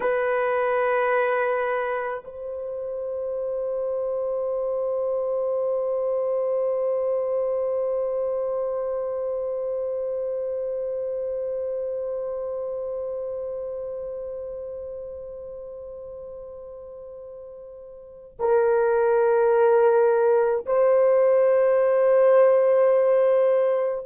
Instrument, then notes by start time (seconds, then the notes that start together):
horn
0.00 B4
2.24 C5
18.39 A#4
20.66 C5